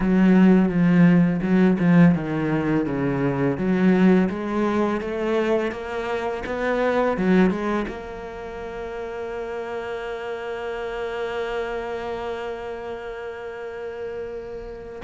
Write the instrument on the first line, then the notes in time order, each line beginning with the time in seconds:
cello
0.00 F#3
0.69 F3
1.42 F#3
1.79 F3
2.15 D#3
2.86 C#3
3.57 F#3
4.29 G#3
5.00 A3
5.71 A#3
6.46 B3
7.17 F#3
7.50 G#3
7.88 A#3